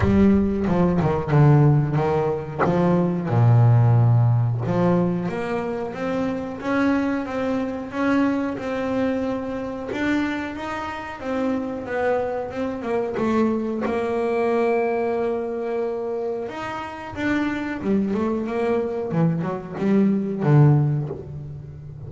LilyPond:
\new Staff \with { instrumentName = "double bass" } { \time 4/4 \tempo 4 = 91 g4 f8 dis8 d4 dis4 | f4 ais,2 f4 | ais4 c'4 cis'4 c'4 | cis'4 c'2 d'4 |
dis'4 c'4 b4 c'8 ais8 | a4 ais2.~ | ais4 dis'4 d'4 g8 a8 | ais4 e8 fis8 g4 d4 | }